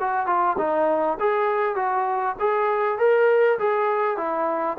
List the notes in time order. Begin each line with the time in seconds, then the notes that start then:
0.00 F#4
0.27 F4
0.58 D#4
1.20 G#4
1.76 F#4
2.40 G#4
2.99 A#4
3.59 G#4
4.17 E4